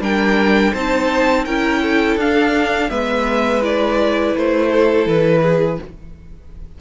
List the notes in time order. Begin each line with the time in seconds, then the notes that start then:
0.00 G3 D4 A#4 G5
0.72 C4 D#4 C5 A5
1.45 C#4 E4 A#4 G5
1.82 A4
2.16 D4 F5
2.89 G#3 B3 B4 E5
3.61 E4 D5
4.35 A3 C5
4.69 A4
5.06 E3 B4
5.42 G#4